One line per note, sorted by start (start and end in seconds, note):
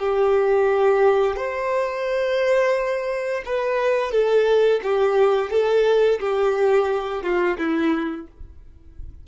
0.00 1.36 G4
1.36 3.43 C5
3.45 4.12 B4
4.12 4.81 A4
4.83 5.51 G4
5.51 6.20 A4
6.20 7.23 G4
7.23 7.58 F4
7.58 8.27 E4